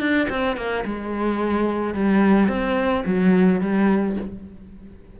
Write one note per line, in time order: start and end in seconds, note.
0.00 0.28 D4
0.30 0.57 C4
0.57 0.84 A#3
0.85 1.95 G#3
1.95 2.48 G3
2.48 3.04 C4
3.06 3.61 F#3
3.61 4.16 G3